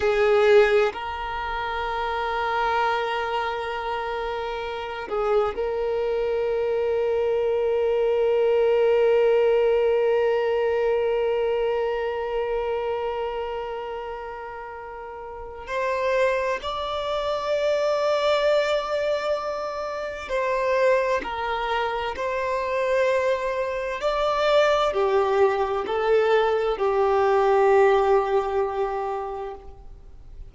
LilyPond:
\new Staff \with { instrumentName = "violin" } { \time 4/4 \tempo 4 = 65 gis'4 ais'2.~ | ais'4. gis'8 ais'2~ | ais'1~ | ais'1~ |
ais'4 c''4 d''2~ | d''2 c''4 ais'4 | c''2 d''4 g'4 | a'4 g'2. | }